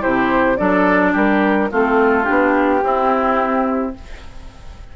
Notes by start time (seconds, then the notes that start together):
0.00 C3 E4 G4 C5
0.57 F#3 D4 A4 D5
1.13 G3 G4 A#4
1.71 A3 C4 F4 A4
2.25 B3 D4 G4
2.83 C4 E4